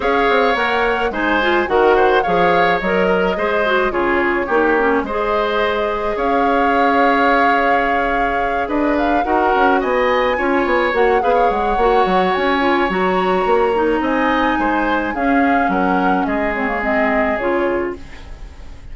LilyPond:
<<
  \new Staff \with { instrumentName = "flute" } { \time 4/4 \tempo 4 = 107 f''4 fis''4 gis''4 fis''4 | f''4 dis''2 cis''4~ | cis''4 dis''2 f''4~ | f''2.~ f''8 dis''8 |
f''8 fis''4 gis''2 fis''8 | f''8 fis''4. gis''4 ais''4~ | ais''4 gis''2 f''4 | fis''4 dis''8 cis''8 dis''4 cis''4 | }
  \new Staff \with { instrumentName = "oboe" } { \time 4/4 cis''2 c''4 ais'8 c''8 | cis''4. ais'8 c''4 gis'4 | g'4 c''2 cis''4~ | cis''2.~ cis''8 b'8~ |
b'8 ais'4 dis''4 cis''4. | b'16 cis''2.~ cis''8.~ | cis''4 dis''4 c''4 gis'4 | ais'4 gis'2. | }
  \new Staff \with { instrumentName = "clarinet" } { \time 4/4 gis'4 ais'4 dis'8 f'8 fis'4 | gis'4 ais'4 gis'8 fis'8 f'4 | dis'8 cis'8 gis'2.~ | gis'1~ |
gis'8 fis'2 f'4 fis'8 | gis'4 fis'4. f'8 fis'4~ | fis'8 dis'2~ dis'8 cis'4~ | cis'4. c'16 ais16 c'4 f'4 | }
  \new Staff \with { instrumentName = "bassoon" } { \time 4/4 cis'8 c'8 ais4 gis4 dis4 | f4 fis4 gis4 cis4 | ais4 gis2 cis'4~ | cis'2.~ cis'8 d'8~ |
d'8 dis'8 cis'8 b4 cis'8 b8 ais8 | b8 gis8 ais8 fis8 cis'4 fis4 | ais4 c'4 gis4 cis'4 | fis4 gis2 cis4 | }
>>